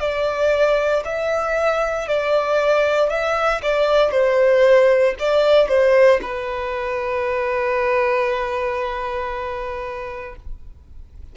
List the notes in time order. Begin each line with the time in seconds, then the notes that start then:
0.00 D5
1.05 E5
2.08 D5
3.10 E5
3.63 D5
4.11 C5
5.20 D5
5.68 C5
6.22 B4